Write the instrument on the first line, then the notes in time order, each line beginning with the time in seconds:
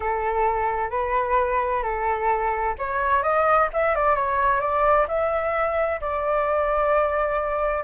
flute
0.00 A4
0.90 B4
1.82 A4
2.78 C#5
3.22 D#5
3.73 E5
3.95 D5
4.15 C#5
4.60 D5
5.08 E5
6.01 D5